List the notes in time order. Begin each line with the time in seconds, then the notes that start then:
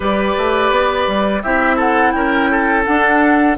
0.00 G3 G4 B4 D5
0.37 A3
0.70 B3
1.07 G3
1.43 C4 E4 G4 E5
1.75 A4 F#5
2.11 C#4 A#4 G5
2.50 A4
2.85 D4 F#5